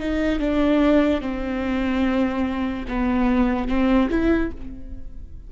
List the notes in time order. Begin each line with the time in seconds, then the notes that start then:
0.00 D#4
0.40 D4
1.21 C4
2.88 B3
3.68 C4
4.11 E4